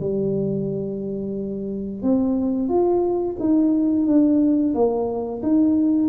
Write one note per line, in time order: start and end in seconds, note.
0.00 2.02 G3
2.02 2.69 C4
2.69 3.36 F4
3.40 4.06 D#4
4.06 4.74 D4
4.74 5.42 A#3
5.42 6.09 D#4